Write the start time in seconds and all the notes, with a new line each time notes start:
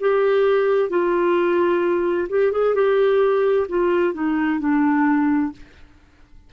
0.00 G4
0.89 F4
2.29 G4
2.52 G#4
2.75 G4
3.68 F4
4.14 D#4
4.60 D4